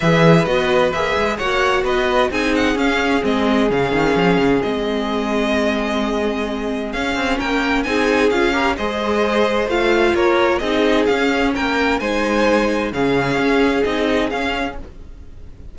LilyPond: <<
  \new Staff \with { instrumentName = "violin" } { \time 4/4 \tempo 4 = 130 e''4 dis''4 e''4 fis''4 | dis''4 gis''8 fis''8 f''4 dis''4 | f''2 dis''2~ | dis''2. f''4 |
g''4 gis''4 f''4 dis''4~ | dis''4 f''4 cis''4 dis''4 | f''4 g''4 gis''2 | f''2 dis''4 f''4 | }
  \new Staff \with { instrumentName = "violin" } { \time 4/4 b'2. cis''4 | b'4 gis'2.~ | gis'1~ | gis'1 |
ais'4 gis'4. ais'8 c''4~ | c''2 ais'4 gis'4~ | gis'4 ais'4 c''2 | gis'1 | }
  \new Staff \with { instrumentName = "viola" } { \time 4/4 gis'4 fis'4 gis'4 fis'4~ | fis'4 dis'4 cis'4 c'4 | cis'2 c'2~ | c'2. cis'4~ |
cis'4 dis'4 f'8 g'8 gis'4~ | gis'4 f'2 dis'4 | cis'2 dis'2 | cis'2 dis'4 cis'4 | }
  \new Staff \with { instrumentName = "cello" } { \time 4/4 e4 b4 ais8 gis8 ais4 | b4 c'4 cis'4 gis4 | cis8 dis8 f8 cis8 gis2~ | gis2. cis'8 c'8 |
ais4 c'4 cis'4 gis4~ | gis4 a4 ais4 c'4 | cis'4 ais4 gis2 | cis4 cis'4 c'4 cis'4 | }
>>